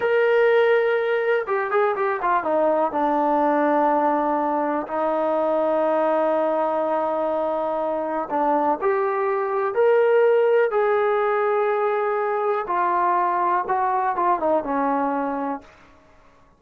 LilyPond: \new Staff \with { instrumentName = "trombone" } { \time 4/4 \tempo 4 = 123 ais'2. g'8 gis'8 | g'8 f'8 dis'4 d'2~ | d'2 dis'2~ | dis'1~ |
dis'4 d'4 g'2 | ais'2 gis'2~ | gis'2 f'2 | fis'4 f'8 dis'8 cis'2 | }